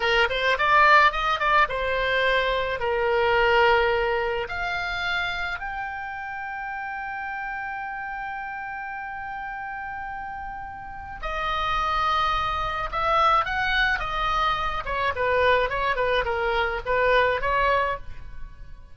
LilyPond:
\new Staff \with { instrumentName = "oboe" } { \time 4/4 \tempo 4 = 107 ais'8 c''8 d''4 dis''8 d''8 c''4~ | c''4 ais'2. | f''2 g''2~ | g''1~ |
g''1 | dis''2. e''4 | fis''4 dis''4. cis''8 b'4 | cis''8 b'8 ais'4 b'4 cis''4 | }